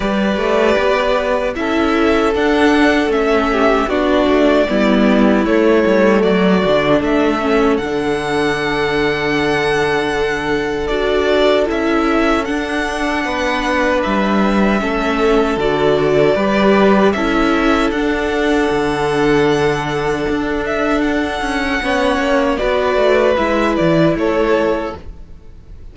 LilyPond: <<
  \new Staff \with { instrumentName = "violin" } { \time 4/4 \tempo 4 = 77 d''2 e''4 fis''4 | e''4 d''2 cis''4 | d''4 e''4 fis''2~ | fis''2 d''4 e''4 |
fis''2 e''2 | d''2 e''4 fis''4~ | fis''2~ fis''8 e''8 fis''4~ | fis''4 d''4 e''8 d''8 cis''4 | }
  \new Staff \with { instrumentName = "violin" } { \time 4/4 b'2 a'2~ | a'8 g'8 fis'4 e'2 | fis'4 a'2.~ | a'1~ |
a'4 b'2 a'4~ | a'4 b'4 a'2~ | a'1 | cis''4 b'2 a'4 | }
  \new Staff \with { instrumentName = "viola" } { \time 4/4 g'2 e'4 d'4 | cis'4 d'4 b4 a4~ | a8 d'4 cis'8 d'2~ | d'2 fis'4 e'4 |
d'2. cis'4 | fis'4 g'4 e'4 d'4~ | d'1 | cis'4 fis'4 e'2 | }
  \new Staff \with { instrumentName = "cello" } { \time 4/4 g8 a8 b4 cis'4 d'4 | a4 b8 a8 g4 a8 g8 | fis8 d8 a4 d2~ | d2 d'4 cis'4 |
d'4 b4 g4 a4 | d4 g4 cis'4 d'4 | d2 d'4. cis'8 | b8 ais8 b8 a8 gis8 e8 a4 | }
>>